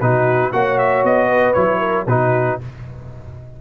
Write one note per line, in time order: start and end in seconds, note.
0.00 0.53 B2
0.00 0.53 D#4
0.00 0.53 F#4
0.00 0.52 B4
0.53 1.04 A#3
0.53 1.55 F#4
0.53 1.28 C#5
0.53 0.78 F#5
0.78 1.04 E5
1.04 1.56 B3
1.04 1.53 D#5
1.28 1.79 B4
1.53 2.07 F#3
1.53 2.07 E4
1.53 2.05 C#5
1.79 2.05 A#4
2.07 2.58 B2
2.07 2.61 D#4
2.07 2.60 F#4
2.07 2.60 B4